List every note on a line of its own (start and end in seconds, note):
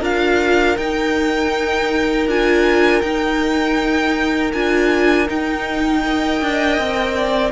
0.00 0.76 D4
0.00 0.76 F4
0.00 6.00 A#4
0.00 0.77 F5
0.77 2.27 D#4
0.77 2.28 D#4
0.77 2.27 G5
2.27 3.02 D4
2.27 3.03 F4
2.27 3.01 G#5
3.01 4.53 D#4
3.01 4.51 G5
4.53 5.29 D4
4.53 5.27 F4
4.53 5.28 G#5
5.27 6.02 D#4
5.27 6.41 D#4
5.27 7.52 G5
6.04 7.52 A#4
6.04 7.16 D#5
6.41 6.78 D4
6.78 7.52 C4
7.16 7.52 D5